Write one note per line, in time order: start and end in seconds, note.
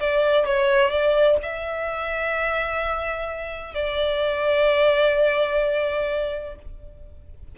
0.00 0.46 D5
0.46 0.90 C#5
0.90 1.37 D5
1.42 3.74 E5
3.74 6.55 D5